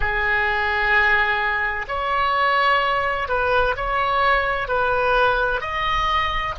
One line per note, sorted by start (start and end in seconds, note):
0.00 1.85 G#4
1.87 3.28 C#5
3.28 3.75 B4
3.76 4.68 C#5
4.68 5.60 B4
5.60 6.54 D#5